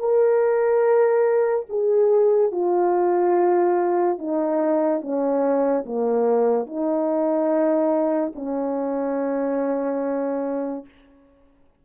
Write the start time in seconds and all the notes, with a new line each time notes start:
0.00 A#4
1.70 G#4
2.52 F4
4.19 D#4
5.02 C#4
5.86 A#3
6.67 D#4
8.36 C#4